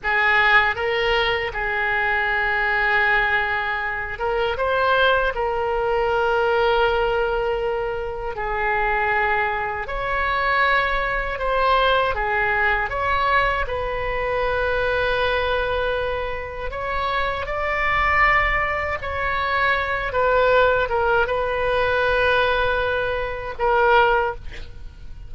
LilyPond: \new Staff \with { instrumentName = "oboe" } { \time 4/4 \tempo 4 = 79 gis'4 ais'4 gis'2~ | gis'4. ais'8 c''4 ais'4~ | ais'2. gis'4~ | gis'4 cis''2 c''4 |
gis'4 cis''4 b'2~ | b'2 cis''4 d''4~ | d''4 cis''4. b'4 ais'8 | b'2. ais'4 | }